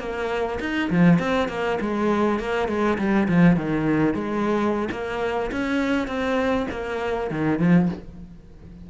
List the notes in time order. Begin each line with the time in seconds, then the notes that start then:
0.00 A#3
0.60 D#4
0.91 F3
1.19 C4
1.49 A#3
1.81 G#3
2.40 A#3
2.69 G#3
2.98 G3
3.29 F3
3.57 D#3
4.15 G#3
4.92 A#3
5.52 C#4
6.08 C4
6.72 A#3
7.31 D#3
7.59 F3